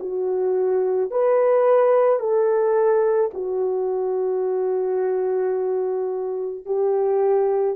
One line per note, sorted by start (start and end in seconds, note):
0.00 1.11 F#4
1.11 2.20 B4
2.20 3.31 A4
3.34 6.66 F#4
6.66 7.76 G4